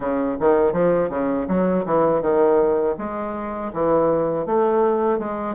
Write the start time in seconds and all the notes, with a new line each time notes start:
0.00 C#3
0.39 D#3
0.72 F3
1.09 C#3
1.48 F#3
1.85 E3
2.21 D#3
2.98 G#3
3.73 E3
4.46 A3
5.19 G#3